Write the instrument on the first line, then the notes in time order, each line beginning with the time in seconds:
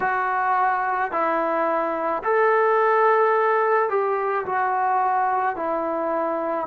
trombone
0.00 F#4
1.11 E4
2.23 A4
3.89 G4
4.45 F#4
5.56 E4